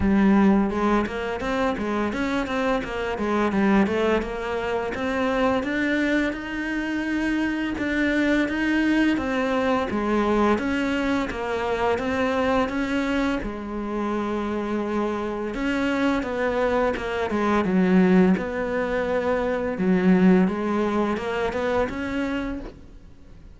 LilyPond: \new Staff \with { instrumentName = "cello" } { \time 4/4 \tempo 4 = 85 g4 gis8 ais8 c'8 gis8 cis'8 c'8 | ais8 gis8 g8 a8 ais4 c'4 | d'4 dis'2 d'4 | dis'4 c'4 gis4 cis'4 |
ais4 c'4 cis'4 gis4~ | gis2 cis'4 b4 | ais8 gis8 fis4 b2 | fis4 gis4 ais8 b8 cis'4 | }